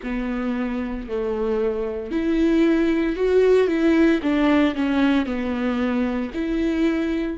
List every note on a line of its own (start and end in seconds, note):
0.02 1.08 B3
1.08 2.11 A3
2.11 3.16 E4
3.16 3.67 F#4
3.67 4.20 E4
4.22 4.75 D4
4.75 5.26 C#4
5.26 6.31 B3
6.34 7.37 E4